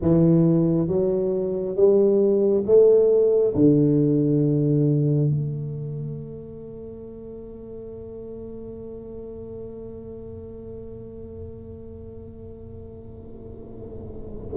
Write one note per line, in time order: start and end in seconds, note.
0.01 0.87 E3
0.87 1.76 F#3
1.76 2.64 G3
2.66 3.54 A3
3.55 5.29 D3
5.29 14.56 A3